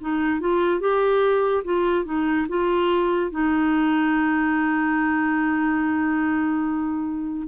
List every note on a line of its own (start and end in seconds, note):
0.00 0.40 D#4
0.40 0.80 F4
0.80 1.63 G4
1.64 2.05 F4
2.05 2.47 D#4
2.48 3.31 F4
3.31 7.47 D#4